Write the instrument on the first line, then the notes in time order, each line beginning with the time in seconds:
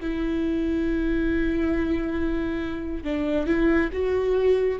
viola
0.00 E4
3.04 D4
3.46 E4
3.92 F#4